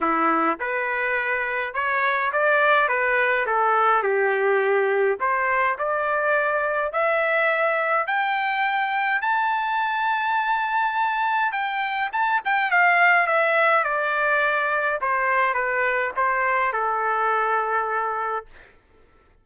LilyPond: \new Staff \with { instrumentName = "trumpet" } { \time 4/4 \tempo 4 = 104 e'4 b'2 cis''4 | d''4 b'4 a'4 g'4~ | g'4 c''4 d''2 | e''2 g''2 |
a''1 | g''4 a''8 g''8 f''4 e''4 | d''2 c''4 b'4 | c''4 a'2. | }